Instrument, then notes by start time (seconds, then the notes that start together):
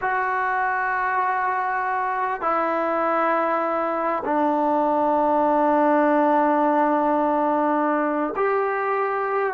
trombone
0.01 F#4
2.41 E4
4.24 D4
8.36 G4